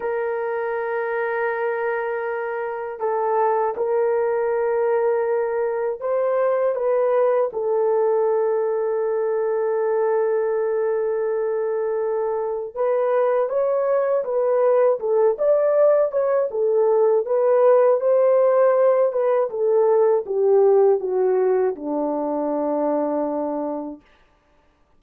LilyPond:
\new Staff \with { instrumentName = "horn" } { \time 4/4 \tempo 4 = 80 ais'1 | a'4 ais'2. | c''4 b'4 a'2~ | a'1~ |
a'4 b'4 cis''4 b'4 | a'8 d''4 cis''8 a'4 b'4 | c''4. b'8 a'4 g'4 | fis'4 d'2. | }